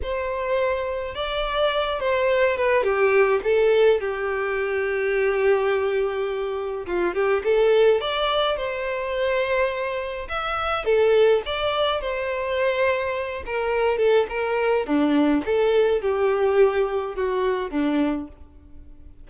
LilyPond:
\new Staff \with { instrumentName = "violin" } { \time 4/4 \tempo 4 = 105 c''2 d''4. c''8~ | c''8 b'8 g'4 a'4 g'4~ | g'1 | f'8 g'8 a'4 d''4 c''4~ |
c''2 e''4 a'4 | d''4 c''2~ c''8 ais'8~ | ais'8 a'8 ais'4 d'4 a'4 | g'2 fis'4 d'4 | }